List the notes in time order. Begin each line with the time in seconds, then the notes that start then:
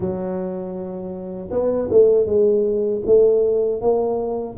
0.00 F#3
1.50 B3
1.90 A3
2.25 G#3
3.06 A3
3.81 A#3